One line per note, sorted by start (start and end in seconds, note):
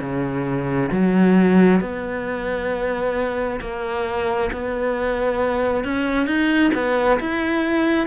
0.00 0.90 C#3
0.91 1.81 F#3
1.81 3.60 B3
3.60 4.50 A#3
4.53 5.84 B3
5.84 6.26 C#4
6.26 6.71 D#4
6.74 7.19 B3
7.20 8.07 E4